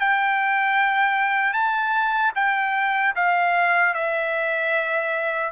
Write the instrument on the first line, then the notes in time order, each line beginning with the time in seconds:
trumpet
0.00 G5
1.54 A5
2.35 G5
3.15 F5
3.94 E5